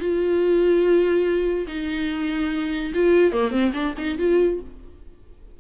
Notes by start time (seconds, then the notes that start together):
0.00 F4
1.68 D#4
2.95 F4
3.33 A#3
3.52 C4
3.74 D4
3.98 D#4
4.19 F4